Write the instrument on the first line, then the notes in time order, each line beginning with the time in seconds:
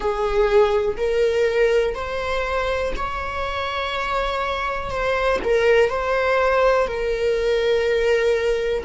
viola
0.00 G#4
0.97 A#4
1.94 C5
2.96 C#5
4.90 C5
5.44 A#4
5.89 C5
6.87 A#4